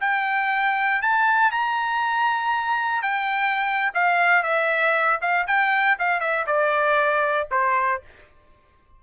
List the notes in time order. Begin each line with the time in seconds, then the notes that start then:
0.00 G5
1.01 A5
1.51 A#5
3.02 G5
3.94 F5
4.43 E5
5.21 F5
5.46 G5
5.99 F5
6.20 E5
6.46 D5
7.51 C5